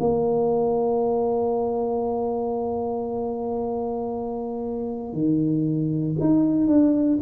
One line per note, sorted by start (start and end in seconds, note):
0.00 5.13 A#3
5.13 6.16 D#3
6.20 6.67 D#4
6.67 7.19 D4